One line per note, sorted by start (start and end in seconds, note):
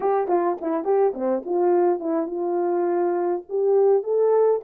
0.00 0.28 G4
0.28 0.56 F4
0.61 0.84 E4
0.84 1.13 G4
1.14 1.42 C4
1.45 1.99 F4
1.99 2.27 E4
2.27 3.42 F4
3.49 4.03 G4
4.03 4.60 A4